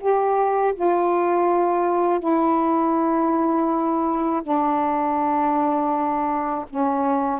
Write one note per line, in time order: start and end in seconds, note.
0.00 0.74 G4
0.75 2.20 F4
2.20 4.42 E4
4.43 6.65 D4
6.69 7.40 C#4